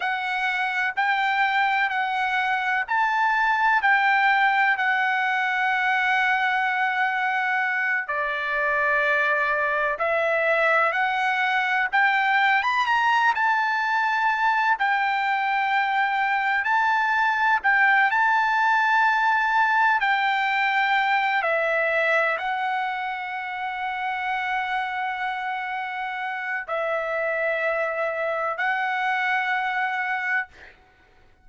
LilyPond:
\new Staff \with { instrumentName = "trumpet" } { \time 4/4 \tempo 4 = 63 fis''4 g''4 fis''4 a''4 | g''4 fis''2.~ | fis''8 d''2 e''4 fis''8~ | fis''8 g''8. b''16 ais''8 a''4. g''8~ |
g''4. a''4 g''8 a''4~ | a''4 g''4. e''4 fis''8~ | fis''1 | e''2 fis''2 | }